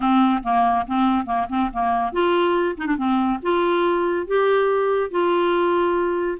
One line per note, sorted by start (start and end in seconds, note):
0.00 0.42 C4
0.43 0.85 A#3
0.87 1.25 C4
1.25 1.47 A#3
1.49 1.70 C4
1.72 2.12 A#3
2.12 2.76 F4
2.77 2.86 D#4
2.86 2.97 D4
2.97 3.39 C4
3.42 4.26 F4
4.26 5.10 G4
5.10 6.38 F4